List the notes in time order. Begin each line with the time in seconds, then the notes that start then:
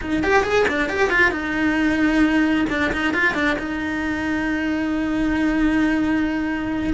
0.01 D#4
0.23 G4
0.43 G#4
0.68 D4
0.89 G4
1.10 F4
1.31 D#4
2.69 D4
2.92 D#4
3.13 F4
3.34 D4
3.58 D#4